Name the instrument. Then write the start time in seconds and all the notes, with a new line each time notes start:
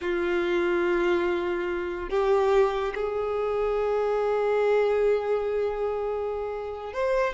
violin
0.01 F4
2.09 G4
2.94 G#4
6.93 C5